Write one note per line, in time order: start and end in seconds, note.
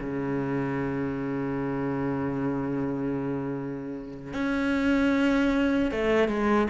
0.00 4.33 C#3
4.33 5.91 C#4
5.91 6.28 A3
6.28 6.67 G#3